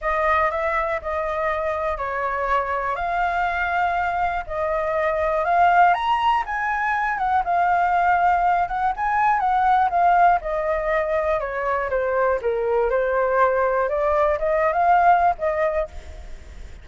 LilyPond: \new Staff \with { instrumentName = "flute" } { \time 4/4 \tempo 4 = 121 dis''4 e''4 dis''2 | cis''2 f''2~ | f''4 dis''2 f''4 | ais''4 gis''4. fis''8 f''4~ |
f''4. fis''8 gis''4 fis''4 | f''4 dis''2 cis''4 | c''4 ais'4 c''2 | d''4 dis''8. f''4~ f''16 dis''4 | }